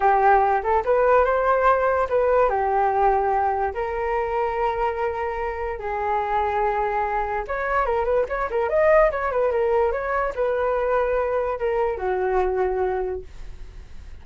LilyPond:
\new Staff \with { instrumentName = "flute" } { \time 4/4 \tempo 4 = 145 g'4. a'8 b'4 c''4~ | c''4 b'4 g'2~ | g'4 ais'2.~ | ais'2 gis'2~ |
gis'2 cis''4 ais'8 b'8 | cis''8 ais'8 dis''4 cis''8 b'8 ais'4 | cis''4 b'2. | ais'4 fis'2. | }